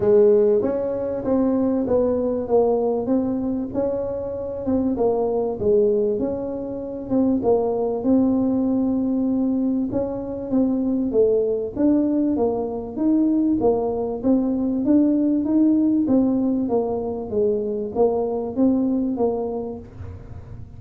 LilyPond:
\new Staff \with { instrumentName = "tuba" } { \time 4/4 \tempo 4 = 97 gis4 cis'4 c'4 b4 | ais4 c'4 cis'4. c'8 | ais4 gis4 cis'4. c'8 | ais4 c'2. |
cis'4 c'4 a4 d'4 | ais4 dis'4 ais4 c'4 | d'4 dis'4 c'4 ais4 | gis4 ais4 c'4 ais4 | }